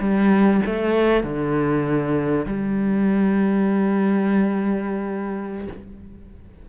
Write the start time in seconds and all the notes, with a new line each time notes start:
0.00 G3
0.66 A3
1.24 D3
2.47 G3